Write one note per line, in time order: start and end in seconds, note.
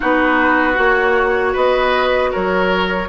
0.00 0.78 B3
0.00 0.73 D#4
0.00 1.52 F#4
0.00 0.78 B4
0.73 1.54 A#3
0.73 3.04 F#4
0.73 1.55 C#5
1.52 2.33 B3
1.52 2.29 B4
1.52 2.32 D#5
2.31 3.08 F#3
2.31 3.08 A#4
2.31 3.08 C#5